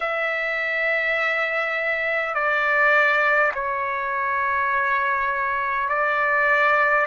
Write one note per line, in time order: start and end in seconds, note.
0.00 2.34 E5
2.34 3.51 D5
3.54 5.88 C#5
5.88 7.06 D5